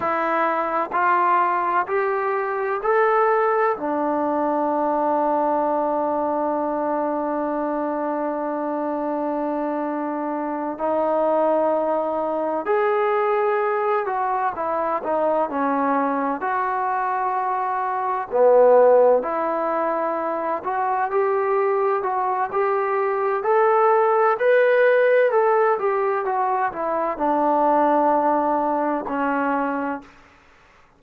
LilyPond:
\new Staff \with { instrumentName = "trombone" } { \time 4/4 \tempo 4 = 64 e'4 f'4 g'4 a'4 | d'1~ | d'2.~ d'8 dis'8~ | dis'4. gis'4. fis'8 e'8 |
dis'8 cis'4 fis'2 b8~ | b8 e'4. fis'8 g'4 fis'8 | g'4 a'4 b'4 a'8 g'8 | fis'8 e'8 d'2 cis'4 | }